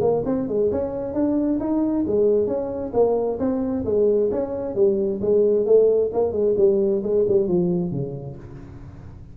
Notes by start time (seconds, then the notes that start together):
0.00 A#3
0.25 C4
0.48 G#3
0.71 C#4
1.13 D4
1.60 D#4
2.07 G#3
2.47 C#4
2.93 A#3
3.39 C4
3.84 G#3
4.31 C#4
4.75 G3
5.21 G#3
5.65 A3
6.13 A#3
6.32 G#3
6.57 G3
7.03 G#3
7.28 G3
7.47 F3
7.91 C#3